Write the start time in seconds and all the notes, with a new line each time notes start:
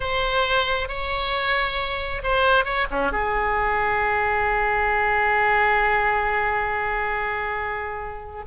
0.00 C5
0.88 C#5
2.23 C5
2.64 C#5
2.91 C#4
3.11 G#4